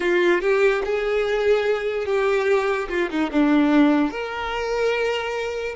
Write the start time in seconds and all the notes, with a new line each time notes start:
0.00 F4
0.41 G4
0.84 G#4
2.05 G4
2.88 F4
3.09 D#4
3.31 D4
4.10 A#4